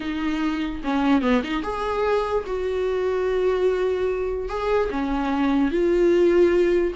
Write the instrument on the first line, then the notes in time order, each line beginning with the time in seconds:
viola
0.00 D#4
0.83 C#4
1.21 B3
1.43 D#4
1.62 G#4
2.46 F#4
4.48 G#4
4.90 C#4
5.71 F4